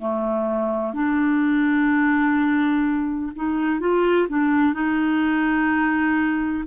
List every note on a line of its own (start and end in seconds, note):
0.00 0.94 A3
0.94 3.32 D4
3.36 3.81 D#4
3.81 4.28 F4
4.29 4.74 D4
4.74 6.65 D#4